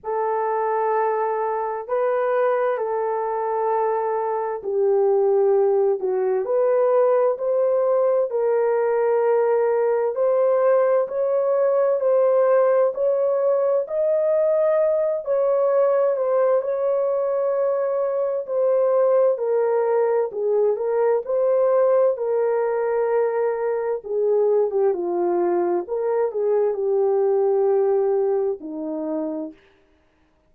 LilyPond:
\new Staff \with { instrumentName = "horn" } { \time 4/4 \tempo 4 = 65 a'2 b'4 a'4~ | a'4 g'4. fis'8 b'4 | c''4 ais'2 c''4 | cis''4 c''4 cis''4 dis''4~ |
dis''8 cis''4 c''8 cis''2 | c''4 ais'4 gis'8 ais'8 c''4 | ais'2 gis'8. g'16 f'4 | ais'8 gis'8 g'2 dis'4 | }